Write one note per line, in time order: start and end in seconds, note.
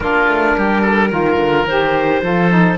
0.00 0.27 A#3
0.00 1.10 D4
0.00 0.57 F4
0.00 1.65 A#4
0.27 0.55 A3
0.57 1.12 G3
0.57 0.81 G4
0.81 1.09 A4
1.09 1.36 D#3
1.09 1.66 F4
1.09 2.20 A#4
1.36 1.64 D3
1.65 2.21 D#3
1.65 2.21 G4
1.65 2.77 C5
2.21 2.77 F3
2.21 2.49 F4
2.21 2.77 A4
2.49 2.77 D#4